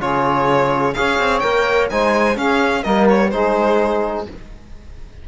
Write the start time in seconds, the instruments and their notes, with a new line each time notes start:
0.00 cello C#3, trombone F4, saxophone G#4, violin C#5
0.94 cello C#4, trombone G#4, saxophone C#5, violin F5
1.19 cello C4
1.39 cello A#3, trombone A#4, violin G5
1.89 cello G#3, trombone D#4, saxophone C5, violin G#5
2.35 trombone C#4, cello C#4, saxophone G#4, violin F5
2.81 cello G3, trombone A#3, saxophone A#4, violin D#5
3.09 violin C#5
3.30 cello G#3, trombone D#4, saxophone G#4, violin C5